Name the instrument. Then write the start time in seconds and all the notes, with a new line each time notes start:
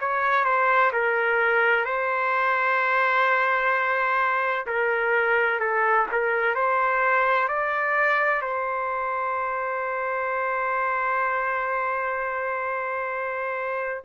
trumpet
0.00 C#5
0.44 C5
0.92 A#4
1.85 C5
4.66 A#4
5.60 A4
6.12 A#4
6.55 C5
7.48 D5
8.42 C5